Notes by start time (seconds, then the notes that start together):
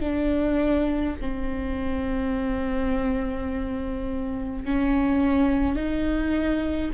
0.00 D4
1.21 C4
4.65 C#4
5.75 D#4